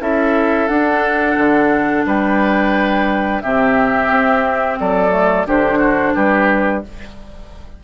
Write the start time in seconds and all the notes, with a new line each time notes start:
0.00 C#4 E4 A4 E5
0.67 D4 F#5
1.37 D3
2.06 G3 B4 G5
3.41 C3 C4 G4 E5
4.10 C4
4.79 F#3 A4 D5
5.11 A3
5.46 D3 D4 G4 C5
5.78 F#4
6.15 G3 G4 B4